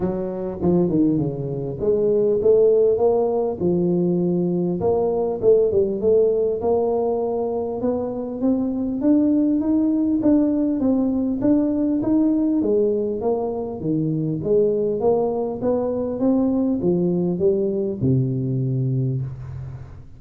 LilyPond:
\new Staff \with { instrumentName = "tuba" } { \time 4/4 \tempo 4 = 100 fis4 f8 dis8 cis4 gis4 | a4 ais4 f2 | ais4 a8 g8 a4 ais4~ | ais4 b4 c'4 d'4 |
dis'4 d'4 c'4 d'4 | dis'4 gis4 ais4 dis4 | gis4 ais4 b4 c'4 | f4 g4 c2 | }